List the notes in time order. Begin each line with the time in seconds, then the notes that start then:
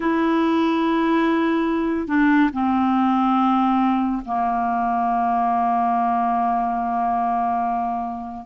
0.00 E4
2.07 D4
2.53 C4
4.25 A#3